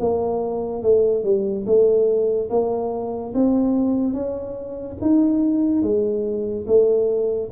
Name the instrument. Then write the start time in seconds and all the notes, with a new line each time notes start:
tuba
0.00 A#3
0.83 A3
1.24 G3
1.66 A3
2.50 A#3
3.34 C4
4.14 C#4
5.01 D#4
5.83 G#3
6.67 A3